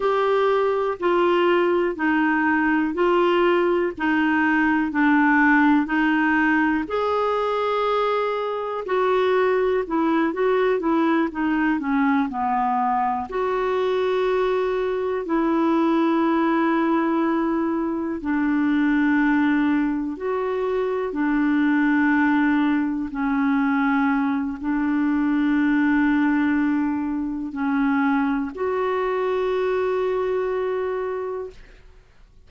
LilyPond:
\new Staff \with { instrumentName = "clarinet" } { \time 4/4 \tempo 4 = 61 g'4 f'4 dis'4 f'4 | dis'4 d'4 dis'4 gis'4~ | gis'4 fis'4 e'8 fis'8 e'8 dis'8 | cis'8 b4 fis'2 e'8~ |
e'2~ e'8 d'4.~ | d'8 fis'4 d'2 cis'8~ | cis'4 d'2. | cis'4 fis'2. | }